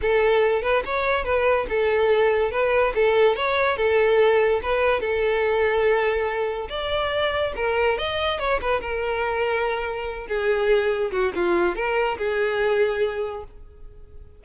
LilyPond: \new Staff \with { instrumentName = "violin" } { \time 4/4 \tempo 4 = 143 a'4. b'8 cis''4 b'4 | a'2 b'4 a'4 | cis''4 a'2 b'4 | a'1 |
d''2 ais'4 dis''4 | cis''8 b'8 ais'2.~ | ais'8 gis'2 fis'8 f'4 | ais'4 gis'2. | }